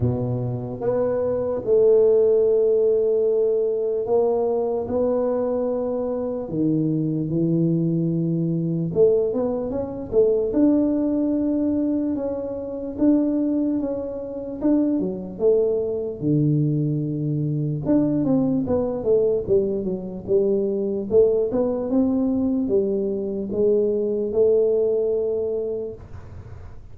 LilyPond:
\new Staff \with { instrumentName = "tuba" } { \time 4/4 \tempo 4 = 74 b,4 b4 a2~ | a4 ais4 b2 | dis4 e2 a8 b8 | cis'8 a8 d'2 cis'4 |
d'4 cis'4 d'8 fis8 a4 | d2 d'8 c'8 b8 a8 | g8 fis8 g4 a8 b8 c'4 | g4 gis4 a2 | }